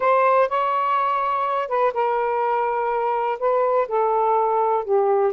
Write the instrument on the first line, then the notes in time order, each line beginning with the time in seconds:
saxophone
0.00 C5
0.48 C#5
1.68 B4
1.93 A#4
3.39 B4
3.88 A4
4.84 G4